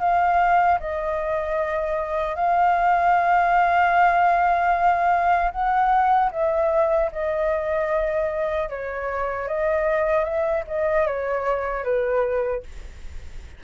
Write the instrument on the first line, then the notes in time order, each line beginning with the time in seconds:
flute
0.00 F5
0.80 D#5
2.35 F5
5.51 F#5
6.32 E5
7.12 D#5
8.69 C#5
9.48 D#5
10.24 E5
10.68 D#5
11.07 C#5
11.84 B4